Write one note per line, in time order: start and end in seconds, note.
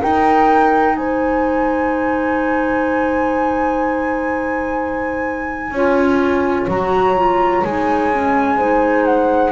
0.00 5.72 D#4
0.00 0.97 D#4
0.00 0.95 A#4
0.00 0.96 G5
0.96 5.71 G#3
0.96 5.72 C5
0.96 6.67 G#5
5.71 6.66 C#4
5.71 6.71 F4
5.71 8.57 C#5
6.68 7.63 F#3
6.68 7.17 F#4
6.68 7.64 A#5
7.17 7.64 F4
7.64 9.52 G#3
7.64 8.13 D#4
7.64 9.05 G#5
8.13 8.59 C#4
8.57 9.52 D#4
8.57 9.52 C5
9.05 9.52 F#5